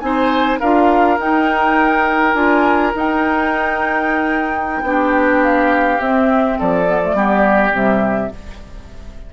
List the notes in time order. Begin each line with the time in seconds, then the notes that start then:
0.00 C4 D#4 C5 G#5
0.60 D4 F4 A#4 F5
1.18 D#4 G5
2.34 D4 F4 G#5
2.95 D#4 G5
4.83 B3 D4 G4
5.44 F5
5.99 C4 E5
6.59 F3 A4 D5
6.86 B3
7.03 A3
7.14 G3 B3 G4
7.72 C3 G3 E5